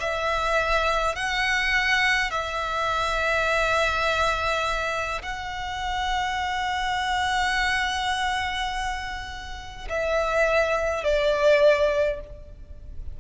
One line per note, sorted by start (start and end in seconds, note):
0.00 1.15 E5
1.15 2.31 F#5
2.31 5.22 E5
5.22 9.88 F#5
9.89 11.04 E5
11.04 12.20 D5